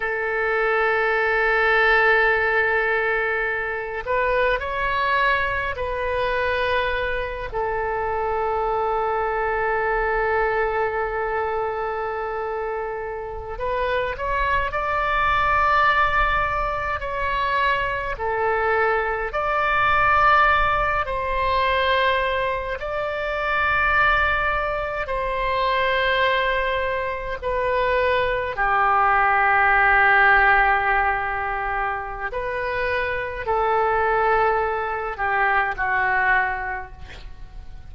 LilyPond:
\new Staff \with { instrumentName = "oboe" } { \time 4/4 \tempo 4 = 52 a'2.~ a'8 b'8 | cis''4 b'4. a'4.~ | a'2.~ a'8. b'16~ | b'16 cis''8 d''2 cis''4 a'16~ |
a'8. d''4. c''4. d''16~ | d''4.~ d''16 c''2 b'16~ | b'8. g'2.~ g'16 | b'4 a'4. g'8 fis'4 | }